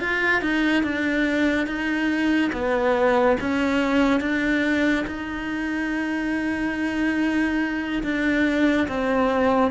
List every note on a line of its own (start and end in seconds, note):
0.00 0.41 F4
0.41 0.83 D#4
0.83 1.67 D4
1.67 2.51 D#4
2.52 3.37 B3
3.40 4.21 C#4
4.21 5.05 D4
5.07 8.03 D#4
8.03 8.88 D4
8.88 9.71 C4